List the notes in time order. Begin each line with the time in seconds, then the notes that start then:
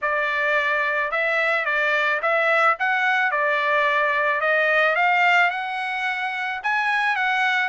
0.01 D5
1.11 E5
1.65 D5
2.21 E5
2.79 F#5
3.31 D5
4.41 D#5
4.95 F5
5.50 F#5
6.63 G#5
7.16 F#5